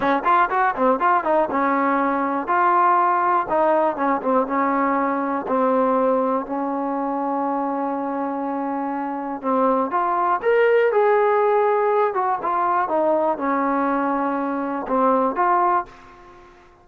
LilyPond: \new Staff \with { instrumentName = "trombone" } { \time 4/4 \tempo 4 = 121 cis'8 f'8 fis'8 c'8 f'8 dis'8 cis'4~ | cis'4 f'2 dis'4 | cis'8 c'8 cis'2 c'4~ | c'4 cis'2.~ |
cis'2. c'4 | f'4 ais'4 gis'2~ | gis'8 fis'8 f'4 dis'4 cis'4~ | cis'2 c'4 f'4 | }